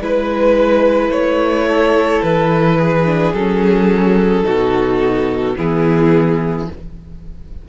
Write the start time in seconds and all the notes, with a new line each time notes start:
0.00 G#3 E4 B4
1.09 A3 C#5
1.68 A4
2.22 E3 B4
2.78 G#4
3.06 D4
3.33 F#3 C#4 A4
4.43 B2 D#4 F#4
5.55 E3 B3 E4 G#4